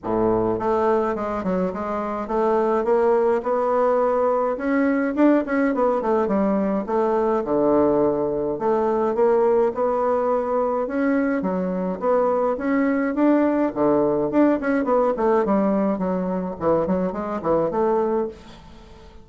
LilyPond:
\new Staff \with { instrumentName = "bassoon" } { \time 4/4 \tempo 4 = 105 a,4 a4 gis8 fis8 gis4 | a4 ais4 b2 | cis'4 d'8 cis'8 b8 a8 g4 | a4 d2 a4 |
ais4 b2 cis'4 | fis4 b4 cis'4 d'4 | d4 d'8 cis'8 b8 a8 g4 | fis4 e8 fis8 gis8 e8 a4 | }